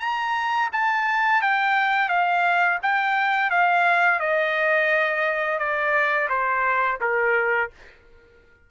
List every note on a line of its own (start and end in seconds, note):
0.00 0.70 A#5
0.73 1.42 A5
1.42 2.09 G5
2.09 2.79 F5
2.83 3.51 G5
3.51 4.20 F5
4.20 5.59 D#5
5.59 6.29 D5
6.29 6.99 C5
7.01 7.71 A#4